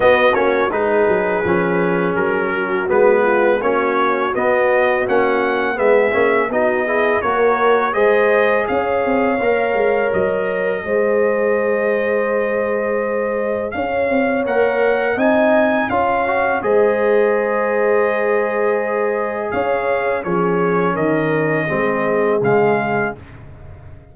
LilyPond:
<<
  \new Staff \with { instrumentName = "trumpet" } { \time 4/4 \tempo 4 = 83 dis''8 cis''8 b'2 ais'4 | b'4 cis''4 dis''4 fis''4 | e''4 dis''4 cis''4 dis''4 | f''2 dis''2~ |
dis''2. f''4 | fis''4 gis''4 f''4 dis''4~ | dis''2. f''4 | cis''4 dis''2 f''4 | }
  \new Staff \with { instrumentName = "horn" } { \time 4/4 fis'4 gis'2~ gis'8 fis'8~ | fis'8 f'8 fis'2. | gis'4 fis'8 gis'8 ais'4 c''4 | cis''2. c''4~ |
c''2. cis''4~ | cis''4 dis''4 cis''4 c''4~ | c''2. cis''4 | gis'4 ais'4 gis'2 | }
  \new Staff \with { instrumentName = "trombone" } { \time 4/4 b8 cis'8 dis'4 cis'2 | b4 cis'4 b4 cis'4 | b8 cis'8 dis'8 e'8 fis'4 gis'4~ | gis'4 ais'2 gis'4~ |
gis'1 | ais'4 dis'4 f'8 fis'8 gis'4~ | gis'1 | cis'2 c'4 gis4 | }
  \new Staff \with { instrumentName = "tuba" } { \time 4/4 b8 ais8 gis8 fis8 f4 fis4 | gis4 ais4 b4 ais4 | gis8 ais8 b4 ais4 gis4 | cis'8 c'8 ais8 gis8 fis4 gis4~ |
gis2. cis'8 c'8 | ais4 c'4 cis'4 gis4~ | gis2. cis'4 | f4 dis4 gis4 cis4 | }
>>